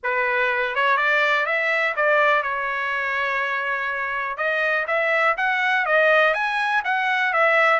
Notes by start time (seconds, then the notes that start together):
0.03 B4
0.75 C#5
0.97 D5
1.45 E5
1.96 D5
2.42 C#5
4.37 D#5
4.87 E5
5.37 F#5
5.85 D#5
6.34 G#5
6.84 F#5
7.33 E5